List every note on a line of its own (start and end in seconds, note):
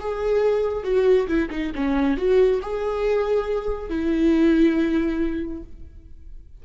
0.00 0.84 G#4
0.84 1.27 F#4
1.27 1.49 E4
1.51 1.72 D#4
1.75 2.17 C#4
2.17 2.60 F#4
2.62 3.89 G#4
3.89 5.63 E4